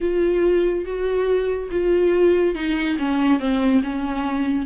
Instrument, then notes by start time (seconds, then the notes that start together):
viola
0.00 F4
0.85 F#4
1.71 F4
2.55 D#4
2.98 C#4
3.39 C4
3.83 C#4